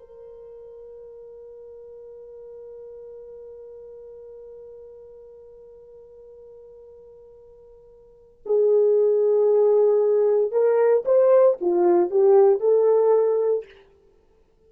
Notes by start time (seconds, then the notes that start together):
0.00 A#4
8.46 G#4
10.52 A#4
11.05 C5
11.61 F4
12.11 G4
12.60 A4